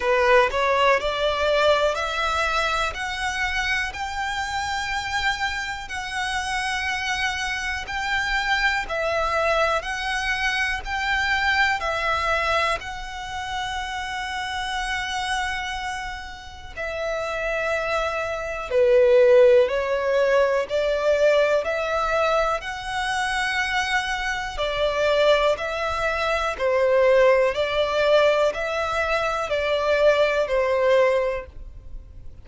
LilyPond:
\new Staff \with { instrumentName = "violin" } { \time 4/4 \tempo 4 = 61 b'8 cis''8 d''4 e''4 fis''4 | g''2 fis''2 | g''4 e''4 fis''4 g''4 | e''4 fis''2.~ |
fis''4 e''2 b'4 | cis''4 d''4 e''4 fis''4~ | fis''4 d''4 e''4 c''4 | d''4 e''4 d''4 c''4 | }